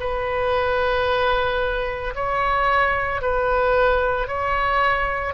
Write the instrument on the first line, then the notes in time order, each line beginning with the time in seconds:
oboe
0.00 B4
2.15 C#5
3.21 B4
4.28 C#5